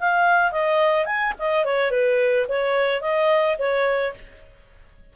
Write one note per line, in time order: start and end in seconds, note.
0.00 0.52 F5
0.52 1.06 D#5
1.06 1.33 G#5
1.39 1.65 D#5
1.65 1.91 C#5
1.91 2.46 B4
2.48 3.01 C#5
3.01 3.57 D#5
3.59 4.14 C#5